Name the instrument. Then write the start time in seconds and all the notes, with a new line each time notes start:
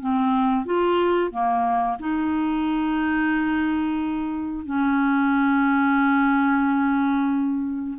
clarinet
0.00 C4
0.65 F4
1.31 A#3
2.00 D#4
4.65 C#4